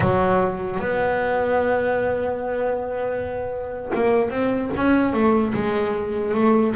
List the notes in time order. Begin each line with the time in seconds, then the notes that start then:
0.00 F#3
0.79 B3
3.94 A#3
4.30 C4
4.76 C#4
5.13 A3
5.54 G#3
6.34 A3